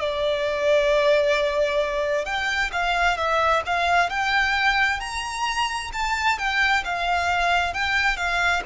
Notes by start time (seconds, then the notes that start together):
0.00 D5
2.25 G5
2.72 F5
3.17 E5
3.66 F5
4.10 G5
5.00 A#5
5.93 A5
6.38 G5
6.84 F5
7.74 G5
8.17 F5